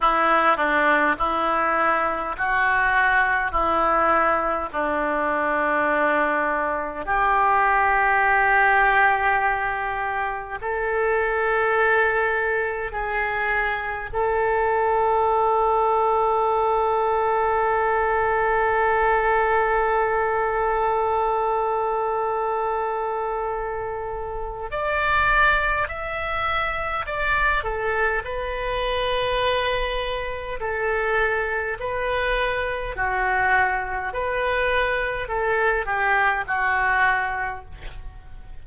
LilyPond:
\new Staff \with { instrumentName = "oboe" } { \time 4/4 \tempo 4 = 51 e'8 d'8 e'4 fis'4 e'4 | d'2 g'2~ | g'4 a'2 gis'4 | a'1~ |
a'1~ | a'4 d''4 e''4 d''8 a'8 | b'2 a'4 b'4 | fis'4 b'4 a'8 g'8 fis'4 | }